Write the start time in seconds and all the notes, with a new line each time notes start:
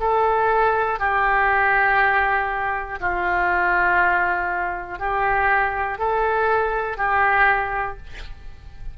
0.00 A4
0.99 G4
3.00 F4
4.99 G4
5.98 A4
6.97 G4